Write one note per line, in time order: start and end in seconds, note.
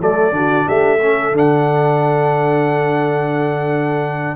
0.00 0.32 F#3
0.00 0.32 A3
0.00 0.34 A4
0.00 0.68 D5
0.32 0.66 D3
0.32 0.99 D4
0.32 0.66 F#4
0.66 1.32 A3
0.66 0.99 G4
0.66 1.36 E5
0.99 1.35 C#4
0.99 4.36 A4
1.32 4.35 D3
1.32 4.36 D4
1.32 4.36 F#5